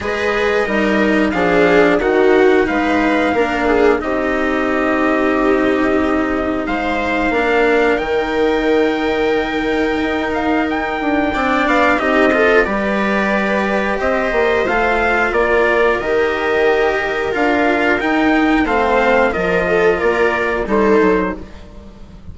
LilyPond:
<<
  \new Staff \with { instrumentName = "trumpet" } { \time 4/4 \tempo 4 = 90 dis''2 f''4 fis''4 | f''2 dis''2~ | dis''2 f''2 | g''2.~ g''8 f''8 |
g''4. f''8 dis''4 d''4~ | d''4 dis''4 f''4 d''4 | dis''2 f''4 g''4 | f''4 dis''4 d''4 c''4 | }
  \new Staff \with { instrumentName = "viola" } { \time 4/4 b'4 ais'4 gis'4 fis'4 | b'4 ais'8 gis'8 g'2~ | g'2 c''4 ais'4~ | ais'1~ |
ais'4 d''4 g'8 a'8 b'4~ | b'4 c''2 ais'4~ | ais'1 | c''4 ais'8 a'8 ais'4 a'4 | }
  \new Staff \with { instrumentName = "cello" } { \time 4/4 gis'4 dis'4 d'4 dis'4~ | dis'4 d'4 dis'2~ | dis'2. d'4 | dis'1~ |
dis'4 d'4 dis'8 f'8 g'4~ | g'2 f'2 | g'2 f'4 dis'4 | c'4 f'2 dis'4 | }
  \new Staff \with { instrumentName = "bassoon" } { \time 4/4 gis4 g4 f4 dis4 | gis4 ais4 c'2~ | c'2 gis4 ais4 | dis2. dis'4~ |
dis'8 d'8 c'8 b8 c'4 g4~ | g4 c'8 ais8 a4 ais4 | dis2 d'4 dis'4 | a4 f4 ais4 g8 fis8 | }
>>